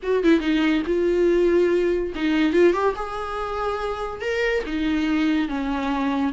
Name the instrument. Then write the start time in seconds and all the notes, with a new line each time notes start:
viola
0.02 F#4
0.23 E4
0.40 D#4
0.86 F4
2.15 D#4
2.53 F4
2.73 G4
2.95 G#4
4.21 A#4
4.66 D#4
5.48 C#4